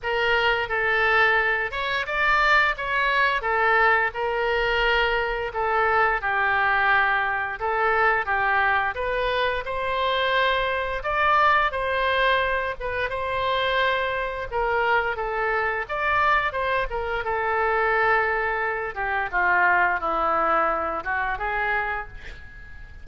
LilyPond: \new Staff \with { instrumentName = "oboe" } { \time 4/4 \tempo 4 = 87 ais'4 a'4. cis''8 d''4 | cis''4 a'4 ais'2 | a'4 g'2 a'4 | g'4 b'4 c''2 |
d''4 c''4. b'8 c''4~ | c''4 ais'4 a'4 d''4 | c''8 ais'8 a'2~ a'8 g'8 | f'4 e'4. fis'8 gis'4 | }